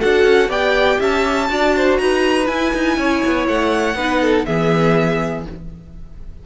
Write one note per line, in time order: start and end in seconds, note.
0.00 0.23 D4
0.00 0.49 F#4
0.00 0.50 A4
0.00 0.50 F#5
0.23 0.48 C#4
0.49 0.98 B3
0.49 1.48 G4
0.49 0.99 D5
0.49 1.01 G5
0.99 1.49 C#4
0.99 1.49 E5
0.99 1.98 A5
1.48 1.99 D4
1.48 2.46 F#4
1.48 1.75 D5
1.76 2.00 C5
1.98 2.48 D#4
1.98 2.98 B4
1.98 2.46 A#5
2.46 3.94 E4
2.46 2.73 E4
2.46 3.46 G#5
2.74 2.97 D#4
2.97 3.22 C#4
2.97 3.97 C#5
3.26 3.48 B3
3.48 3.95 A3
3.48 4.45 F#5
3.95 4.44 B3
3.95 4.46 D#4
3.95 4.21 B4
4.21 4.46 A4
4.45 5.46 E3
4.45 5.45 B3
4.45 5.46 G#4
4.45 5.45 E5